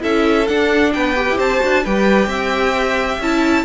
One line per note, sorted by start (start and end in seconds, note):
0.00 0.49 C#4
0.00 0.45 E4
0.00 0.93 A4
0.00 0.47 E5
0.47 1.16 D4
0.47 0.95 D4
0.47 0.93 F#5
0.93 1.30 B3
0.93 1.37 B4
0.93 1.38 G5
1.16 1.60 G4
1.30 1.38 E4
1.37 1.61 C4
1.37 1.83 C5
1.37 1.85 A5
1.60 1.86 D4
1.60 1.82 F#4
1.84 2.27 G3
1.84 3.23 G4
1.84 2.29 B4
1.84 3.22 G5
2.27 3.18 C4
2.27 3.65 E5
3.19 3.64 C#4
3.19 3.65 E4
3.19 3.65 A5